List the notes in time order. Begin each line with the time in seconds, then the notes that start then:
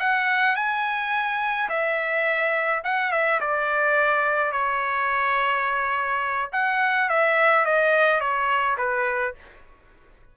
0.00 F#5
0.56 G#5
1.69 E5
2.84 F#5
3.12 E5
3.40 D5
4.52 C#5
6.53 F#5
7.10 E5
7.65 D#5
8.20 C#5
8.78 B4